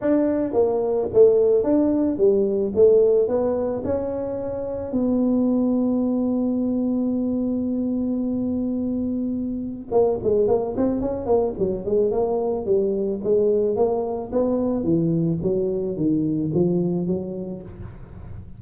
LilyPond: \new Staff \with { instrumentName = "tuba" } { \time 4/4 \tempo 4 = 109 d'4 ais4 a4 d'4 | g4 a4 b4 cis'4~ | cis'4 b2.~ | b1~ |
b2 ais8 gis8 ais8 c'8 | cis'8 ais8 fis8 gis8 ais4 g4 | gis4 ais4 b4 e4 | fis4 dis4 f4 fis4 | }